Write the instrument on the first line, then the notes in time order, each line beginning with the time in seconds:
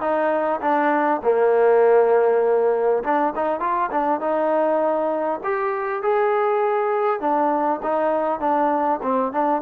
trombone
0.00 D#4
0.61 D4
1.23 A#3
3.04 D4
3.35 D#4
3.60 F4
3.91 D4
4.20 D#4
5.43 G4
6.02 G#4
7.20 D4
7.82 D#4
8.40 D4
9.02 C4
9.32 D4